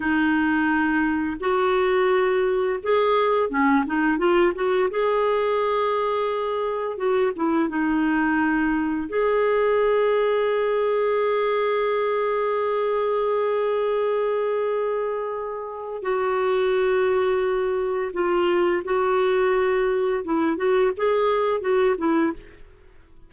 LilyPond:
\new Staff \with { instrumentName = "clarinet" } { \time 4/4 \tempo 4 = 86 dis'2 fis'2 | gis'4 cis'8 dis'8 f'8 fis'8 gis'4~ | gis'2 fis'8 e'8 dis'4~ | dis'4 gis'2.~ |
gis'1~ | gis'2. fis'4~ | fis'2 f'4 fis'4~ | fis'4 e'8 fis'8 gis'4 fis'8 e'8 | }